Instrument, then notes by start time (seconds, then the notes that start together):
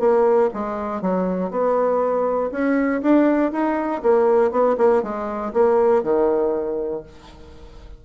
bassoon
0.00 A#3
0.54 G#3
1.02 F#3
1.51 B3
2.52 C#4
3.02 D4
3.52 D#4
4.03 A#3
4.51 B3
4.78 A#3
5.03 G#3
5.53 A#3
6.04 D#3